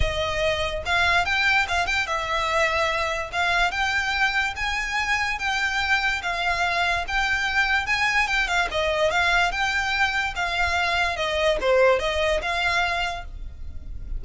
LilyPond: \new Staff \with { instrumentName = "violin" } { \time 4/4 \tempo 4 = 145 dis''2 f''4 g''4 | f''8 g''8 e''2. | f''4 g''2 gis''4~ | gis''4 g''2 f''4~ |
f''4 g''2 gis''4 | g''8 f''8 dis''4 f''4 g''4~ | g''4 f''2 dis''4 | c''4 dis''4 f''2 | }